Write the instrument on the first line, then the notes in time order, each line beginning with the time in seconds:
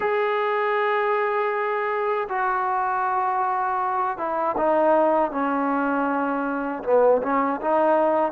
trombone
0.00 G#4
2.28 F#4
4.17 E4
4.57 D#4
5.31 C#4
6.83 B3
7.22 C#4
7.61 D#4